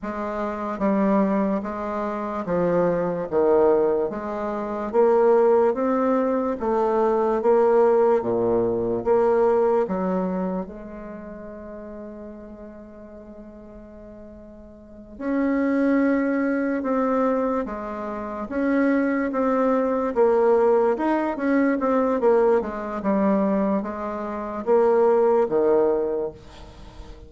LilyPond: \new Staff \with { instrumentName = "bassoon" } { \time 4/4 \tempo 4 = 73 gis4 g4 gis4 f4 | dis4 gis4 ais4 c'4 | a4 ais4 ais,4 ais4 | fis4 gis2.~ |
gis2~ gis8 cis'4.~ | cis'8 c'4 gis4 cis'4 c'8~ | c'8 ais4 dis'8 cis'8 c'8 ais8 gis8 | g4 gis4 ais4 dis4 | }